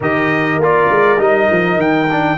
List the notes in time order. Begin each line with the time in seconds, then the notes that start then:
0.00 D#3 G4 A#4 D#5
0.58 A#3 F4 D5
0.90 G#3
1.17 G3 D#4 D#5
1.51 F3
1.77 D#3 G5
2.11 D4